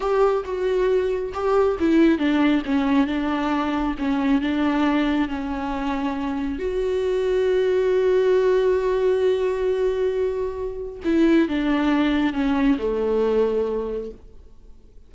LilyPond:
\new Staff \with { instrumentName = "viola" } { \time 4/4 \tempo 4 = 136 g'4 fis'2 g'4 | e'4 d'4 cis'4 d'4~ | d'4 cis'4 d'2 | cis'2. fis'4~ |
fis'1~ | fis'1~ | fis'4 e'4 d'2 | cis'4 a2. | }